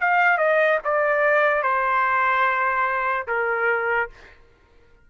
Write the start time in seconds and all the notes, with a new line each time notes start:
0.00 F5
0.37 D#5
0.84 D5
1.63 C5
3.27 A#4